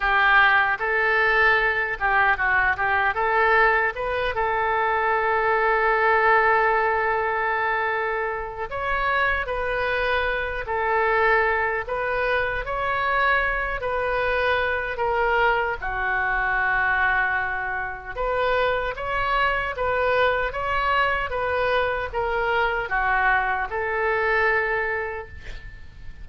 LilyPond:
\new Staff \with { instrumentName = "oboe" } { \time 4/4 \tempo 4 = 76 g'4 a'4. g'8 fis'8 g'8 | a'4 b'8 a'2~ a'8~ | a'2. cis''4 | b'4. a'4. b'4 |
cis''4. b'4. ais'4 | fis'2. b'4 | cis''4 b'4 cis''4 b'4 | ais'4 fis'4 a'2 | }